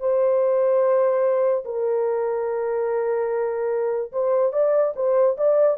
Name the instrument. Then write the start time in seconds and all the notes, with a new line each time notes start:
horn
0.00 C5
1.65 A#4
4.12 C5
4.53 D5
4.96 C5
5.37 D5